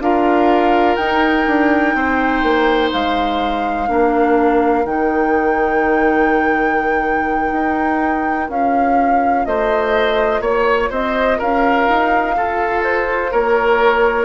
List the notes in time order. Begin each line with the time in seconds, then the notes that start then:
0.00 D4 F4 A#4 F5
0.96 D#4 G5
1.47 D4
1.95 C4 C5
2.43 A#3
2.93 G#3 F5
3.87 A#3 D4 A#4
4.85 D#3 D#4 G5
7.52 D#4
8.49 C#4 F4 F5
9.46 A3 C5 D#5
10.41 A#3 C#5
10.90 C4 C5 D#5
11.38 C#4 A#4 F5
11.89 D#4
12.37 F4 A4
12.84 C5
13.31 A#3 A#4 C#5